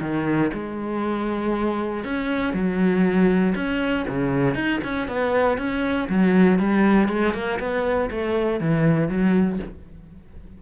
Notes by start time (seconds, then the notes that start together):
0.00 D#3
0.53 G#3
2.04 C#4
2.53 F#3
3.55 C#4
4.08 C#3
4.54 D#4
4.84 C#4
5.07 B3
5.57 C#4
6.08 F#3
6.58 G3
7.08 G#3
7.33 A#3
7.59 B3
8.10 A3
8.60 E3
9.08 F#3